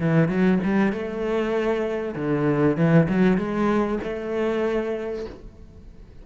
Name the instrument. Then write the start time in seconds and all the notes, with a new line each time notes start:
cello
0.00 E3
0.29 F#3
0.63 G3
0.92 A3
2.15 D3
2.77 E3
3.09 F#3
3.38 G#3
4.03 A3